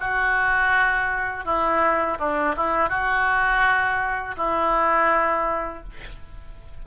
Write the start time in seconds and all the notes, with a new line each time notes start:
0.00 F#4
1.45 E4
2.19 D4
2.56 E4
2.89 F#4
4.37 E4